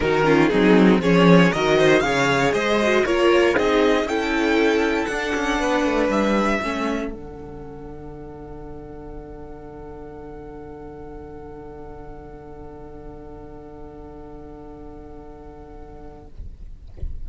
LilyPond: <<
  \new Staff \with { instrumentName = "violin" } { \time 4/4 \tempo 4 = 118 ais'4 gis'4 cis''4 dis''4 | f''4 dis''4 cis''4 dis''4 | g''2 fis''2 | e''2 fis''2~ |
fis''1~ | fis''1~ | fis''1~ | fis''1 | }
  \new Staff \with { instrumentName = "violin" } { \time 4/4 fis'8 f'8 dis'4 gis'4 ais'8 c''8 | cis''4 c''4 ais'4 gis'4 | a'2. b'4~ | b'4 a'2.~ |
a'1~ | a'1~ | a'1~ | a'1 | }
  \new Staff \with { instrumentName = "viola" } { \time 4/4 dis'8 cis'8 c'4 cis'4 fis'4 | gis'4. fis'8 f'4 dis'4 | e'2 d'2~ | d'4 cis'4 d'2~ |
d'1~ | d'1~ | d'1~ | d'1 | }
  \new Staff \with { instrumentName = "cello" } { \time 4/4 dis4 fis4 f4 dis4 | cis4 gis4 ais4 c'4 | cis'2 d'8 cis'8 b8 a8 | g4 a4 d2~ |
d1~ | d1~ | d1~ | d1 | }
>>